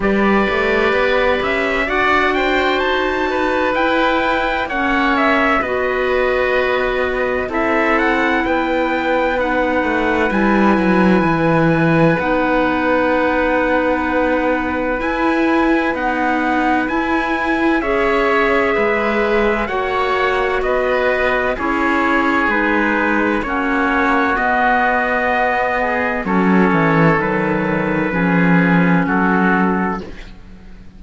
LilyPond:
<<
  \new Staff \with { instrumentName = "trumpet" } { \time 4/4 \tempo 4 = 64 d''4. e''8 fis''8 g''8 a''4 | g''4 fis''8 e''8 dis''2 | e''8 fis''8 g''4 fis''4 gis''4~ | gis''4 fis''2. |
gis''4 fis''4 gis''4 e''4~ | e''4 fis''4 dis''4 cis''4 | b'4 cis''4 dis''2 | cis''4 b'2 a'4 | }
  \new Staff \with { instrumentName = "oboe" } { \time 4/4 b'2 d''8 c''4 b'8~ | b'4 cis''4 b'2 | a'4 b'2.~ | b'1~ |
b'2. cis''4 | b'4 cis''4 b'4 gis'4~ | gis'4 fis'2~ fis'8 gis'8 | a'2 gis'4 fis'4 | }
  \new Staff \with { instrumentName = "clarinet" } { \time 4/4 g'2 fis'2 | e'4 cis'4 fis'2 | e'2 dis'4 e'4~ | e'4 dis'2. |
e'4 b4 e'4 gis'4~ | gis'4 fis'2 e'4 | dis'4 cis'4 b2 | cis'4 fis4 cis'2 | }
  \new Staff \with { instrumentName = "cello" } { \time 4/4 g8 a8 b8 cis'8 d'4 dis'4 | e'4 ais4 b2 | c'4 b4. a8 g8 fis8 | e4 b2. |
e'4 dis'4 e'4 cis'4 | gis4 ais4 b4 cis'4 | gis4 ais4 b2 | fis8 e8 dis4 f4 fis4 | }
>>